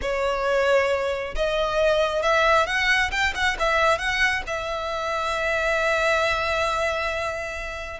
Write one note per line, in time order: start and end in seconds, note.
0.01 1.34 C#5
1.35 2.22 D#5
2.22 2.66 E5
2.66 3.11 F#5
3.11 3.33 G5
3.34 3.57 F#5
3.59 3.98 E5
3.98 4.42 F#5
4.46 8.00 E5